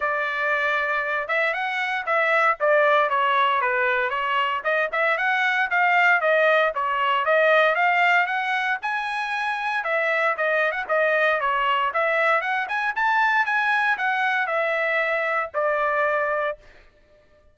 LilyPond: \new Staff \with { instrumentName = "trumpet" } { \time 4/4 \tempo 4 = 116 d''2~ d''8 e''8 fis''4 | e''4 d''4 cis''4 b'4 | cis''4 dis''8 e''8 fis''4 f''4 | dis''4 cis''4 dis''4 f''4 |
fis''4 gis''2 e''4 | dis''8. fis''16 dis''4 cis''4 e''4 | fis''8 gis''8 a''4 gis''4 fis''4 | e''2 d''2 | }